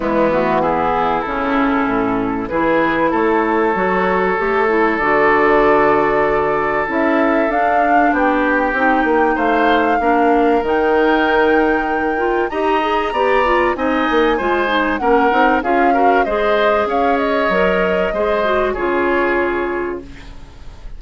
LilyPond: <<
  \new Staff \with { instrumentName = "flute" } { \time 4/4 \tempo 4 = 96 e'8 fis'8 gis'4 a'2 | b'4 cis''2. | d''2. e''4 | f''4 g''2 f''4~ |
f''4 g''2. | ais''2 gis''2 | fis''4 f''4 dis''4 f''8 dis''8~ | dis''2 cis''2 | }
  \new Staff \with { instrumentName = "oboe" } { \time 4/4 b4 e'2. | gis'4 a'2.~ | a'1~ | a'4 g'2 c''4 |
ais'1 | dis''4 d''4 dis''4 c''4 | ais'4 gis'8 ais'8 c''4 cis''4~ | cis''4 c''4 gis'2 | }
  \new Staff \with { instrumentName = "clarinet" } { \time 4/4 gis8 a8 b4 cis'2 | e'2 fis'4 g'8 e'8 | fis'2. e'4 | d'2 dis'2 |
d'4 dis'2~ dis'8 f'8 | g'8 gis'8 g'8 f'8 dis'4 f'8 dis'8 | cis'8 dis'8 f'8 fis'8 gis'2 | ais'4 gis'8 fis'8 f'2 | }
  \new Staff \with { instrumentName = "bassoon" } { \time 4/4 e2 cis4 a,4 | e4 a4 fis4 a4 | d2. cis'4 | d'4 b4 c'8 ais8 a4 |
ais4 dis2. | dis'4 b4 c'8 ais8 gis4 | ais8 c'8 cis'4 gis4 cis'4 | fis4 gis4 cis2 | }
>>